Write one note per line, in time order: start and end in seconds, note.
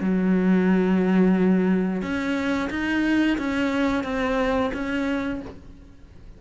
0.00 2.02 F#3
2.02 2.69 C#4
2.70 3.37 D#4
3.37 4.03 C#4
4.03 4.71 C4
4.73 5.41 C#4